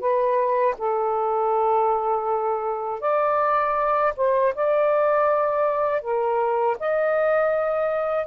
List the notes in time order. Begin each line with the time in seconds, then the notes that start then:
0.00 B4
0.78 A4
3.01 D5
4.16 C5
4.55 D5
6.02 A#4
6.80 D#5